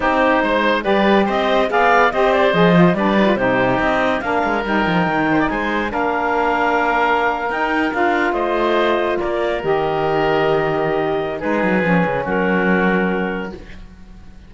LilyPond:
<<
  \new Staff \with { instrumentName = "clarinet" } { \time 4/4 \tempo 4 = 142 c''2 d''4 dis''4 | f''4 dis''8 d''8 dis''4 d''4 | c''4 dis''4 f''4 g''4~ | g''4 gis''4 f''2~ |
f''4.~ f''16 g''4 f''4 dis''16~ | dis''4.~ dis''16 d''4 dis''4~ dis''16~ | dis''2. b'4~ | b'4 ais'2. | }
  \new Staff \with { instrumentName = "oboe" } { \time 4/4 g'4 c''4 b'4 c''4 | d''4 c''2 b'4 | g'2 ais'2~ | ais'8 c''16 d''16 c''4 ais'2~ |
ais'2.~ ais'8. c''16~ | c''4.~ c''16 ais'2~ ais'16~ | ais'2. gis'4~ | gis'4 fis'2. | }
  \new Staff \with { instrumentName = "saxophone" } { \time 4/4 dis'2 g'2 | gis'4 g'4 gis'8 f'8 d'8 dis'16 f'16 | dis'2 d'4 dis'4~ | dis'2 d'2~ |
d'4.~ d'16 dis'4 f'4~ f'16~ | f'2~ f'8. g'4~ g'16~ | g'2. dis'4 | cis'1 | }
  \new Staff \with { instrumentName = "cello" } { \time 4/4 c'4 gis4 g4 c'4 | b4 c'4 f4 g4 | c4 c'4 ais8 gis8 g8 f8 | dis4 gis4 ais2~ |
ais4.~ ais16 dis'4 d'4 a16~ | a4.~ a16 ais4 dis4~ dis16~ | dis2. gis8 fis8 | f8 cis8 fis2. | }
>>